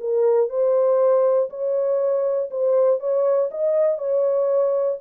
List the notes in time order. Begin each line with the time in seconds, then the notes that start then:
0.00 A#4
0.49 C5
1.50 C#5
2.50 C5
3.00 C#5
3.51 D#5
3.98 C#5